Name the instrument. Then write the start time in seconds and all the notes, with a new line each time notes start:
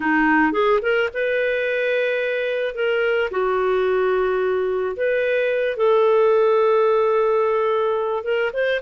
clarinet
0.00 D#4
0.52 G#4
0.81 A#4
1.13 B4
2.74 A#4
3.30 F#4
4.96 B4
5.76 A4
8.23 A#4
8.53 C5